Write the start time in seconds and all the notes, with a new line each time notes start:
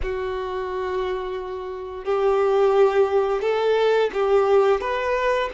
0.02 F#4
2.04 G4
3.41 A4
4.13 G4
4.80 B4